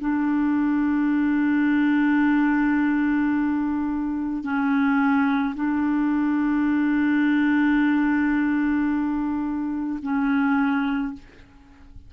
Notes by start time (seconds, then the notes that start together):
0.00 D4
4.43 C#4
5.55 D4
10.02 C#4